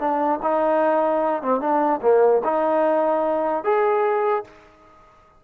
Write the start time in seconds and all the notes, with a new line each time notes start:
0.00 D4
0.43 D#4
1.43 C4
1.61 D4
2.03 A#3
2.44 D#4
3.64 G#4